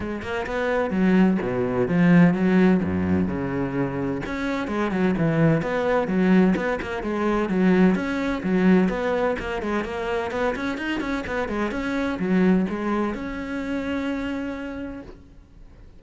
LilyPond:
\new Staff \with { instrumentName = "cello" } { \time 4/4 \tempo 4 = 128 gis8 ais8 b4 fis4 b,4 | f4 fis4 fis,4 cis4~ | cis4 cis'4 gis8 fis8 e4 | b4 fis4 b8 ais8 gis4 |
fis4 cis'4 fis4 b4 | ais8 gis8 ais4 b8 cis'8 dis'8 cis'8 | b8 gis8 cis'4 fis4 gis4 | cis'1 | }